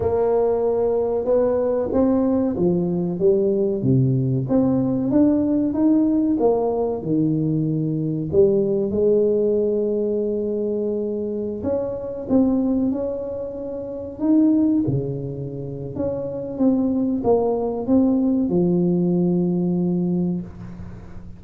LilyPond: \new Staff \with { instrumentName = "tuba" } { \time 4/4 \tempo 4 = 94 ais2 b4 c'4 | f4 g4 c4 c'4 | d'4 dis'4 ais4 dis4~ | dis4 g4 gis2~ |
gis2~ gis16 cis'4 c'8.~ | c'16 cis'2 dis'4 cis8.~ | cis4 cis'4 c'4 ais4 | c'4 f2. | }